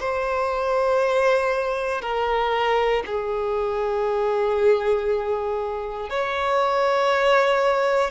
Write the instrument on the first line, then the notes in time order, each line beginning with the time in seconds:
violin
0.00 C5
2.02 A#4
3.06 G#4
6.10 C#5